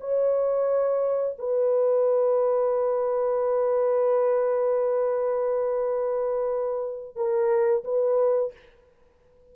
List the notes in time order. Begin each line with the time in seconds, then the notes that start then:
0.00 C#5
1.39 B4
7.15 A#4
7.84 B4